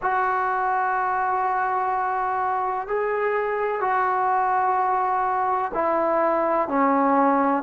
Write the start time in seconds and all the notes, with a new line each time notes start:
0.02 F#4
2.87 G#4
3.81 F#4
5.74 E4
6.68 C#4